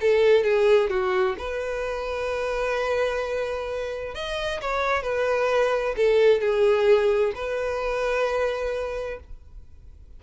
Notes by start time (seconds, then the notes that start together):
0.00 A4
0.43 G#4
0.89 F#4
1.38 B4
4.14 D#5
4.61 C#5
5.02 B4
5.96 A4
6.40 G#4
7.35 B4